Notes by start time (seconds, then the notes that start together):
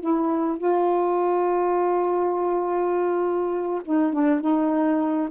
0.00 E4
0.58 F4
3.85 D#4
4.13 D4
4.41 D#4